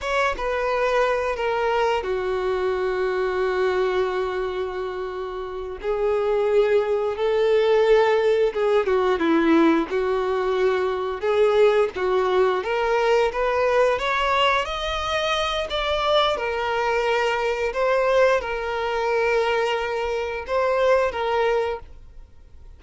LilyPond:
\new Staff \with { instrumentName = "violin" } { \time 4/4 \tempo 4 = 88 cis''8 b'4. ais'4 fis'4~ | fis'1~ | fis'8 gis'2 a'4.~ | a'8 gis'8 fis'8 e'4 fis'4.~ |
fis'8 gis'4 fis'4 ais'4 b'8~ | b'8 cis''4 dis''4. d''4 | ais'2 c''4 ais'4~ | ais'2 c''4 ais'4 | }